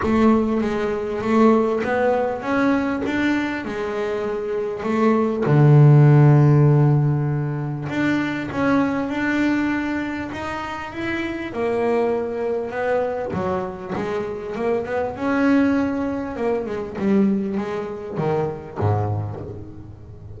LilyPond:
\new Staff \with { instrumentName = "double bass" } { \time 4/4 \tempo 4 = 99 a4 gis4 a4 b4 | cis'4 d'4 gis2 | a4 d2.~ | d4 d'4 cis'4 d'4~ |
d'4 dis'4 e'4 ais4~ | ais4 b4 fis4 gis4 | ais8 b8 cis'2 ais8 gis8 | g4 gis4 dis4 gis,4 | }